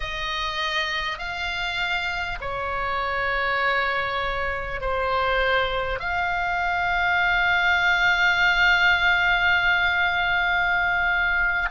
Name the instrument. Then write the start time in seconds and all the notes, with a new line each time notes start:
oboe
0.00 D#5
1.18 F5
2.40 C#5
4.81 C5
5.99 F5